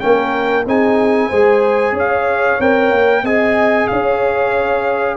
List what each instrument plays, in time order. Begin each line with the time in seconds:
0.00 tuba A#3, trombone C#4, horn A#4, trumpet G5
0.66 tuba C4, trombone D#4, horn G#4, trumpet G#5
1.29 tuba G#3, trombone G#4, horn C5
1.92 tuba C#4, horn C#5
1.99 trumpet F5
2.60 tuba C4, trombone A#4, trumpet G5
2.91 tuba A#3
3.23 tuba C4, trombone G#4, horn D#5, trumpet G#5
3.87 tuba C#4, horn C#5, trumpet F5